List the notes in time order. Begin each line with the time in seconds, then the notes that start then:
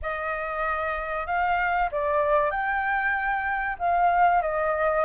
0.01 D#5
1.26 F5
1.91 D5
2.50 G5
3.79 F5
4.42 D#5